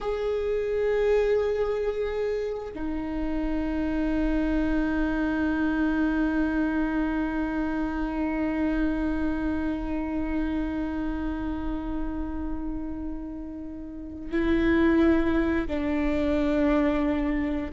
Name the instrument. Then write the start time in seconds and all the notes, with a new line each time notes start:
viola
0.00 G#4
2.74 D#4
14.31 E4
15.67 D4